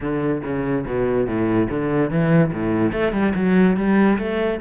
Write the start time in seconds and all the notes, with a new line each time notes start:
0.01 D3
0.43 C#3
0.86 B2
1.27 A2
1.70 D3
2.10 E3
2.53 A2
2.92 A3
3.12 G3
3.34 F#3
3.76 G3
4.18 A3